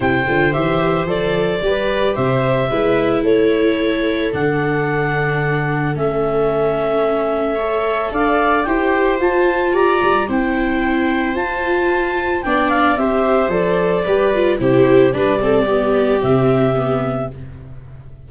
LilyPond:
<<
  \new Staff \with { instrumentName = "clarinet" } { \time 4/4 \tempo 4 = 111 g''4 e''4 d''2 | e''2 cis''2 | fis''2. e''4~ | e''2. f''4 |
g''4 a''4 ais''4 g''4~ | g''4 a''2 g''8 f''8 | e''4 d''2 c''4 | d''2 e''2 | }
  \new Staff \with { instrumentName = "viola" } { \time 4/4 c''2. b'4 | c''4 b'4 a'2~ | a'1~ | a'2 cis''4 d''4 |
c''2 d''4 c''4~ | c''2. d''4 | c''2 b'4 g'4 | b'8 a'8 g'2. | }
  \new Staff \with { instrumentName = "viola" } { \time 4/4 e'8 f'8 g'4 a'4 g'4~ | g'4 e'2. | d'2. cis'4~ | cis'2 a'2 |
g'4 f'2 e'4~ | e'4 f'2 d'4 | g'4 a'4 g'8 f'8 e'4 | d'8 c'8 b4 c'4 b4 | }
  \new Staff \with { instrumentName = "tuba" } { \time 4/4 c8 d8 e4 f4 g4 | c4 gis4 a2 | d2. a4~ | a2. d'4 |
e'4 f'4 g'8 g8 c'4~ | c'4 f'2 b4 | c'4 f4 g4 c4 | g2 c2 | }
>>